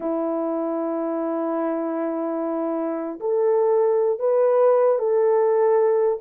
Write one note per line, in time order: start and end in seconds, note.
0.00 3.19 E4
3.20 4.19 A4
4.19 4.99 B4
4.99 6.19 A4